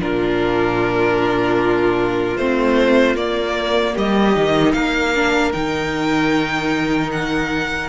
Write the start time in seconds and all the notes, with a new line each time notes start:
0.00 A#2 D4 F4 A#4
2.37 A3 C4 C5
3.15 A#3 D5
3.93 G3 G4 D#5
4.34 D#3 D#4
4.73 A#3 A#4 F5
5.15 D4
5.52 D#3 D#4 G5
7.12 F#5